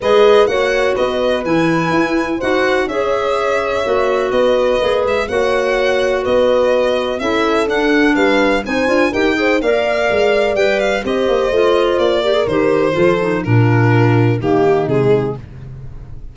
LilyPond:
<<
  \new Staff \with { instrumentName = "violin" } { \time 4/4 \tempo 4 = 125 dis''4 fis''4 dis''4 gis''4~ | gis''4 fis''4 e''2~ | e''4 dis''4. e''8 fis''4~ | fis''4 dis''2 e''4 |
fis''4 f''4 gis''4 g''4 | f''2 g''8 f''8 dis''4~ | dis''4 d''4 c''2 | ais'2 g'4 gis'4 | }
  \new Staff \with { instrumentName = "horn" } { \time 4/4 b'4 cis''4 b'2~ | b'4 c''4 cis''2~ | cis''4 b'2 cis''4~ | cis''4 b'2 a'4~ |
a'4 b'4 c''4 ais'8 c''8 | d''2. c''4~ | c''4. ais'4. a'4 | f'2 dis'2 | }
  \new Staff \with { instrumentName = "clarinet" } { \time 4/4 gis'4 fis'2 e'4~ | e'4 fis'4 gis'2 | fis'2 gis'4 fis'4~ | fis'2. e'4 |
d'2 dis'8 f'8 g'8 gis'8 | ais'2 b'4 g'4 | f'4. g'16 gis'16 g'4 f'8 dis'8 | d'2 ais4 gis4 | }
  \new Staff \with { instrumentName = "tuba" } { \time 4/4 gis4 ais4 b4 e4 | e'4 dis'4 cis'2 | ais4 b4 ais8 gis8 ais4~ | ais4 b2 cis'4 |
d'4 g4 c'8 d'8 dis'4 | ais4 gis4 g4 c'8 ais8 | a4 ais4 dis4 f4 | ais,2 dis4 c4 | }
>>